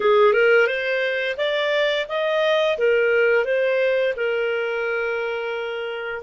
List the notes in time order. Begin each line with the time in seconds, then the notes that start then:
0.00 G#4
0.33 A#4
0.66 C5
1.37 D5
2.08 D#5
2.77 A#4
3.45 C5
4.16 A#4